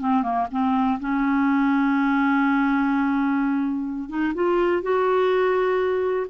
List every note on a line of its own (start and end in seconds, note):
0.00 0.23 C4
0.23 0.47 A#3
0.51 0.99 C4
1.00 4.09 C#4
4.09 4.33 D#4
4.35 4.83 F4
4.83 6.27 F#4